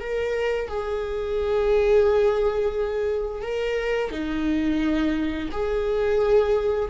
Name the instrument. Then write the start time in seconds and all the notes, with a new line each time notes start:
viola
0.00 A#4
0.68 G#4
3.42 A#4
4.11 D#4
5.52 G#4